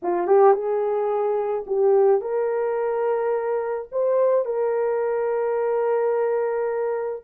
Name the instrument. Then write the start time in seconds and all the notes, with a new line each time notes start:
horn
0.02 F4
0.27 G4
0.53 G#4
1.67 G4
2.21 A#4
3.91 C5
4.45 A#4